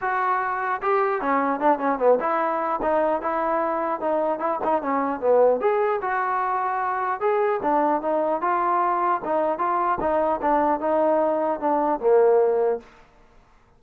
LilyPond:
\new Staff \with { instrumentName = "trombone" } { \time 4/4 \tempo 4 = 150 fis'2 g'4 cis'4 | d'8 cis'8 b8 e'4. dis'4 | e'2 dis'4 e'8 dis'8 | cis'4 b4 gis'4 fis'4~ |
fis'2 gis'4 d'4 | dis'4 f'2 dis'4 | f'4 dis'4 d'4 dis'4~ | dis'4 d'4 ais2 | }